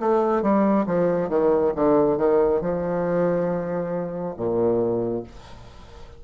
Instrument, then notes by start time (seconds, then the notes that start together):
bassoon
0.00 A3
0.42 G3
0.87 F3
1.29 D#3
1.75 D3
2.18 D#3
2.61 F3
4.37 A#2